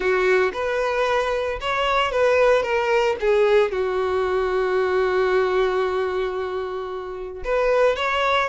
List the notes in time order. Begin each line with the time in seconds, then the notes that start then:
0.00 F#4
0.53 B4
1.60 C#5
2.11 B4
2.62 A#4
3.20 G#4
3.71 F#4
7.44 B4
7.95 C#5